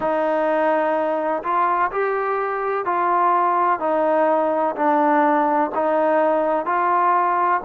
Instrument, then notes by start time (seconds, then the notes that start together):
trombone
0.00 D#4
1.43 F4
1.91 G4
2.85 F4
3.79 D#4
4.75 D4
5.74 D#4
6.65 F4